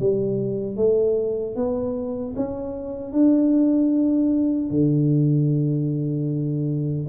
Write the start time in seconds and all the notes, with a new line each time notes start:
0.00 G3
0.77 A3
1.56 B3
2.36 C#4
3.13 D4
4.71 D3